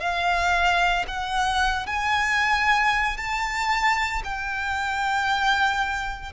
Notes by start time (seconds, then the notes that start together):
0.00 F5
1.08 F#5
1.87 G#5
3.17 A5
4.24 G5